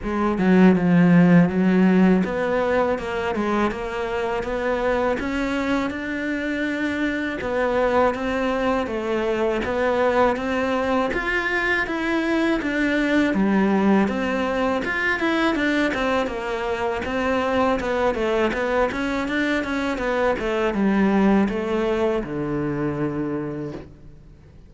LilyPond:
\new Staff \with { instrumentName = "cello" } { \time 4/4 \tempo 4 = 81 gis8 fis8 f4 fis4 b4 | ais8 gis8 ais4 b4 cis'4 | d'2 b4 c'4 | a4 b4 c'4 f'4 |
e'4 d'4 g4 c'4 | f'8 e'8 d'8 c'8 ais4 c'4 | b8 a8 b8 cis'8 d'8 cis'8 b8 a8 | g4 a4 d2 | }